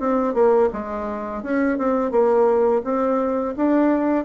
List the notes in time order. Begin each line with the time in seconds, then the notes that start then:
0.00 C4
0.35 A#3
0.73 G#3
1.43 C#4
1.78 C4
2.12 A#3
2.85 C4
3.57 D4